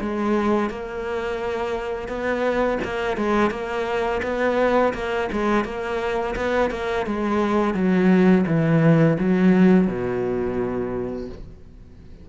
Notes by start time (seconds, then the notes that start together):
0.00 G#3
0.69 A#3
2.08 B3
2.83 A#3
3.16 G#3
3.50 A#3
4.22 B3
4.93 A#3
5.32 G#3
5.64 A#3
6.36 B3
6.70 A#3
7.06 G#3
7.74 F#3
8.46 E3
9.18 F#3
9.87 B2